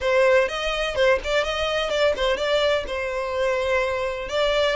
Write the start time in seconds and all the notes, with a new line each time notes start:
0.00 C5
0.48 D#5
0.95 C5
1.23 D5
1.44 D#5
1.89 D5
2.16 C5
2.36 D5
2.87 C5
4.28 D5